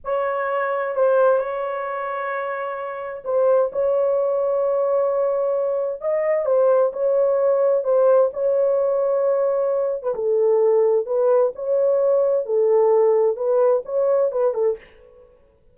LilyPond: \new Staff \with { instrumentName = "horn" } { \time 4/4 \tempo 4 = 130 cis''2 c''4 cis''4~ | cis''2. c''4 | cis''1~ | cis''4 dis''4 c''4 cis''4~ |
cis''4 c''4 cis''2~ | cis''4.~ cis''16 b'16 a'2 | b'4 cis''2 a'4~ | a'4 b'4 cis''4 b'8 a'8 | }